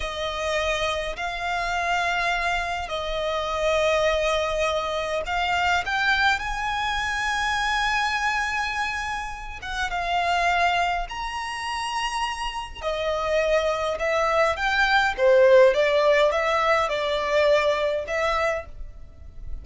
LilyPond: \new Staff \with { instrumentName = "violin" } { \time 4/4 \tempo 4 = 103 dis''2 f''2~ | f''4 dis''2.~ | dis''4 f''4 g''4 gis''4~ | gis''1~ |
gis''8 fis''8 f''2 ais''4~ | ais''2 dis''2 | e''4 g''4 c''4 d''4 | e''4 d''2 e''4 | }